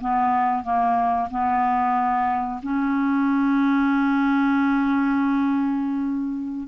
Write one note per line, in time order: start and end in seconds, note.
0.00 0.63 B3
0.63 1.28 A#3
1.30 2.61 B3
2.62 6.68 C#4